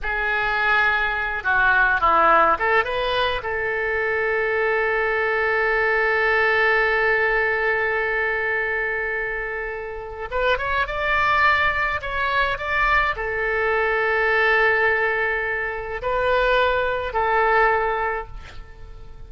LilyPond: \new Staff \with { instrumentName = "oboe" } { \time 4/4 \tempo 4 = 105 gis'2~ gis'8 fis'4 e'8~ | e'8 a'8 b'4 a'2~ | a'1~ | a'1~ |
a'2 b'8 cis''8 d''4~ | d''4 cis''4 d''4 a'4~ | a'1 | b'2 a'2 | }